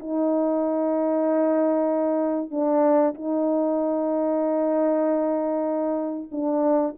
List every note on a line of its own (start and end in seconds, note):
0.00 2.51 D#4
2.51 3.14 D4
3.15 6.30 D#4
6.32 6.95 D4